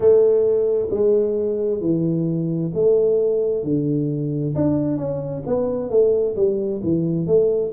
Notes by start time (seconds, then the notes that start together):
0.00 A3
0.90 G#3
1.81 E3
2.74 A3
3.63 D3
4.55 D4
4.97 C#4
5.46 B3
5.90 A3
6.36 G3
6.83 E3
7.26 A3